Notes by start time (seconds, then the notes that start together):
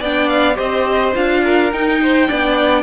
0.00 B3 D4 D5 G5
0.28 F5
0.55 C4 G4 C5 D#5
1.15 D4 F4 F5
1.44 A#4
1.72 D#4 G5
2.02 C5
2.27 B3 D4 D5